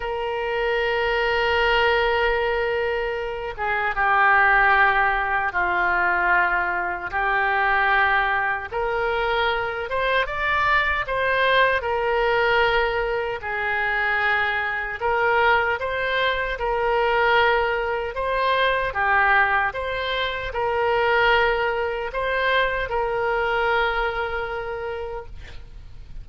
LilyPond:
\new Staff \with { instrumentName = "oboe" } { \time 4/4 \tempo 4 = 76 ais'1~ | ais'8 gis'8 g'2 f'4~ | f'4 g'2 ais'4~ | ais'8 c''8 d''4 c''4 ais'4~ |
ais'4 gis'2 ais'4 | c''4 ais'2 c''4 | g'4 c''4 ais'2 | c''4 ais'2. | }